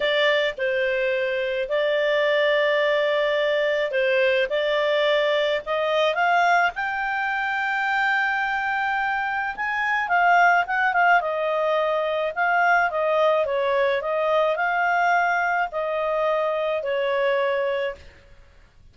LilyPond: \new Staff \with { instrumentName = "clarinet" } { \time 4/4 \tempo 4 = 107 d''4 c''2 d''4~ | d''2. c''4 | d''2 dis''4 f''4 | g''1~ |
g''4 gis''4 f''4 fis''8 f''8 | dis''2 f''4 dis''4 | cis''4 dis''4 f''2 | dis''2 cis''2 | }